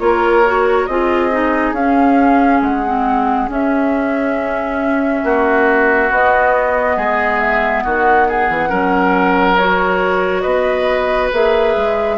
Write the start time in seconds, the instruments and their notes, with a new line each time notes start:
0.00 bassoon A#3, clarinet F4, oboe A#4, flute C#5
0.46 clarinet F#4
0.87 bassoon C4, clarinet F4, oboe G#4, flute D#5
1.32 clarinet D#4
1.73 bassoon C#4, clarinet C#4, flute F5
2.62 bassoon G#3, flute F#5
2.86 clarinet C4
3.48 clarinet C#4, bassoon C#4, flute E5
5.24 bassoon A#3, oboe F#4
6.11 bassoon B3, clarinet B3, flute D#5
6.97 bassoon G#3, oboe G#4
7.40 flute E5
7.84 bassoon D#3, oboe F#4, flute F#5
8.29 oboe G#4
8.50 bassoon E3
8.70 bassoon F#3, clarinet C#4, oboe A#4
9.58 clarinet F#4, flute C#5
10.42 bassoon B3, oboe B4, flute D#5
11.33 bassoon A#3, clarinet G#4, flute E5
11.77 bassoon G#3